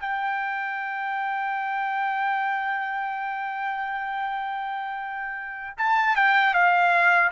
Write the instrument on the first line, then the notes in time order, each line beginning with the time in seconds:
trumpet
0.00 G5
5.78 A5
6.16 G5
6.54 F5